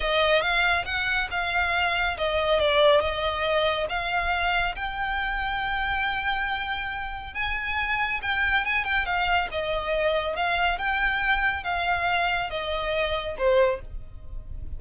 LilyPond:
\new Staff \with { instrumentName = "violin" } { \time 4/4 \tempo 4 = 139 dis''4 f''4 fis''4 f''4~ | f''4 dis''4 d''4 dis''4~ | dis''4 f''2 g''4~ | g''1~ |
g''4 gis''2 g''4 | gis''8 g''8 f''4 dis''2 | f''4 g''2 f''4~ | f''4 dis''2 c''4 | }